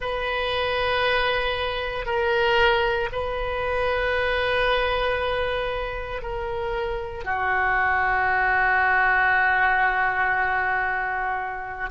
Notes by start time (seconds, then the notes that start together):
0.00 B4
2.05 A#4
3.12 B4
6.22 A#4
7.24 F#4